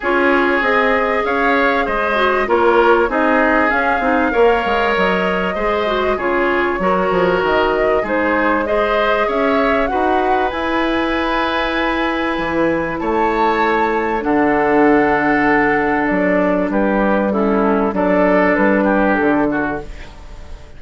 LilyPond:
<<
  \new Staff \with { instrumentName = "flute" } { \time 4/4 \tempo 4 = 97 cis''4 dis''4 f''4 dis''4 | cis''4 dis''4 f''2 | dis''2 cis''2 | dis''4 c''4 dis''4 e''4 |
fis''4 gis''2.~ | gis''4 a''2 fis''4~ | fis''2 d''4 b'4 | a'4 d''4 b'4 a'4 | }
  \new Staff \with { instrumentName = "oboe" } { \time 4/4 gis'2 cis''4 c''4 | ais'4 gis'2 cis''4~ | cis''4 c''4 gis'4 ais'4~ | ais'4 gis'4 c''4 cis''4 |
b'1~ | b'4 cis''2 a'4~ | a'2. g'4 | e'4 a'4. g'4 fis'8 | }
  \new Staff \with { instrumentName = "clarinet" } { \time 4/4 f'4 gis'2~ gis'8 fis'8 | f'4 dis'4 cis'8 dis'8 ais'4~ | ais'4 gis'8 fis'8 f'4 fis'4~ | fis'4 dis'4 gis'2 |
fis'4 e'2.~ | e'2. d'4~ | d'1 | cis'4 d'2. | }
  \new Staff \with { instrumentName = "bassoon" } { \time 4/4 cis'4 c'4 cis'4 gis4 | ais4 c'4 cis'8 c'8 ais8 gis8 | fis4 gis4 cis4 fis8 f8 | dis4 gis2 cis'4 |
dis'4 e'2. | e4 a2 d4~ | d2 fis4 g4~ | g4 fis4 g4 d4 | }
>>